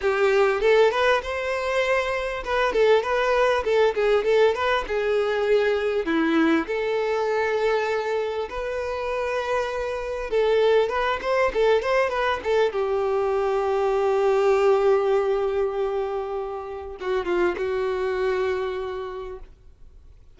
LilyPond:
\new Staff \with { instrumentName = "violin" } { \time 4/4 \tempo 4 = 99 g'4 a'8 b'8 c''2 | b'8 a'8 b'4 a'8 gis'8 a'8 b'8 | gis'2 e'4 a'4~ | a'2 b'2~ |
b'4 a'4 b'8 c''8 a'8 c''8 | b'8 a'8 g'2.~ | g'1 | fis'8 f'8 fis'2. | }